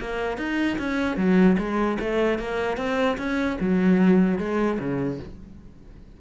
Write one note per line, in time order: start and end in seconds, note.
0.00 0.37 A#3
0.37 0.77 D#4
0.78 1.16 C#4
1.16 1.56 F#3
1.58 1.98 G#3
1.99 2.39 A3
2.39 2.77 A#3
2.77 3.17 C4
3.17 3.57 C#4
3.60 4.38 F#3
4.38 4.78 G#3
4.79 5.19 C#3